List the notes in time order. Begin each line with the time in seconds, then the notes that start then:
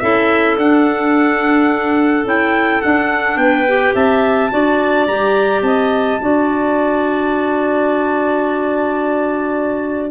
0.00 C#4 E4 A4 E5
0.57 D4 F#5
2.25 C#4 E4 G5
2.82 D4 F#5
3.37 B3 B4 G5
3.68 G4
3.95 C4 E5 A5
4.51 D4 F#4 D5
5.08 G3 G4 A#5
5.62 C4 D#5 A5
6.21 D4 F#4 D5